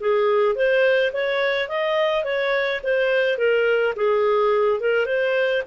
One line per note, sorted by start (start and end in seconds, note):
0.00 0.55 G#4
0.55 1.12 C5
1.13 1.69 C#5
1.69 2.24 D#5
2.24 2.81 C#5
2.83 3.37 C5
3.37 3.94 A#4
3.96 4.80 G#4
4.80 5.06 A#4
5.06 5.62 C5